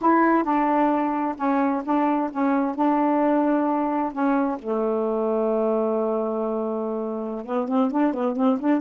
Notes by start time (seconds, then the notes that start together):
0.01 E4
0.43 D4
1.37 C#4
1.84 D4
2.31 C#4
2.75 D4
4.12 C#4
4.58 A3
7.45 B3
7.67 C4
7.90 D4
8.13 B3
8.35 C4
8.59 D4